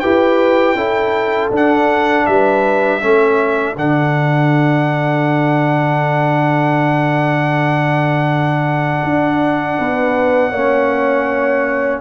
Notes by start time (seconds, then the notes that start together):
0.00 E4 G4 B4 G5
0.76 C#4 E4 A4
1.51 D4 F#5
2.27 G3 B4 E5
3.01 A3 C#4 A4
3.77 D3 D4 F#5
9.04 D4
9.79 B3 B4
10.51 A#3 C#4 C#5